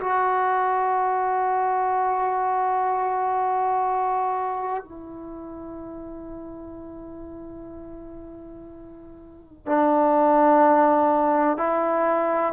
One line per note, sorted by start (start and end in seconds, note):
0.00 4.84 F#4
4.84 9.67 E4
9.67 11.58 D4
11.58 12.53 E4